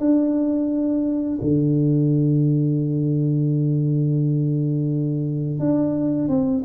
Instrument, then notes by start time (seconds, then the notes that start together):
tuba
0.00 D4
1.42 D3
5.60 D4
6.29 C4